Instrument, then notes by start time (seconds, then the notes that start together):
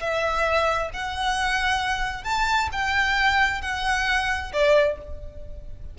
violin
0.00 E5
0.93 F#5
2.24 A5
2.72 G5
3.62 F#5
4.53 D5